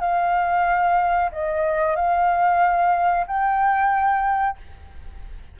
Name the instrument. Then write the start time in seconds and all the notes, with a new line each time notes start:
flute
0.00 F5
1.32 D#5
1.96 F5
3.27 G5